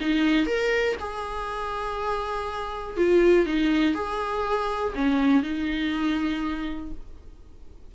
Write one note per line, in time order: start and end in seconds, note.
0.00 0.46 D#4
0.46 0.96 A#4
0.99 2.97 G#4
2.97 3.46 F4
3.46 3.94 D#4
3.94 4.93 G#4
4.95 5.43 C#4
5.43 6.91 D#4